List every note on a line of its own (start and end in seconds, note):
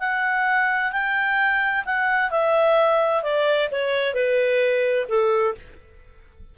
0.00 0.92 F#5
0.93 1.85 G5
1.86 2.31 F#5
2.31 3.23 E5
3.23 3.69 D5
3.71 4.14 C#5
4.14 5.07 B4
5.09 5.55 A4